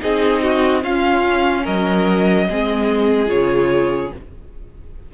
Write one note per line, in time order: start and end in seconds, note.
0.00 0.83 C4
0.00 0.82 D#4
0.00 0.43 G#4
0.00 0.83 D#5
0.43 0.83 F#4
0.83 1.66 C#4
0.83 2.48 C#4
0.83 1.63 F4
0.83 1.65 F5
1.63 2.48 F#3
1.63 2.46 A#4
1.63 3.29 D#5
2.49 3.29 G#3
2.49 3.26 C4
2.49 4.13 G#4
3.26 4.11 C#3
3.26 4.08 F4
3.26 4.11 C#5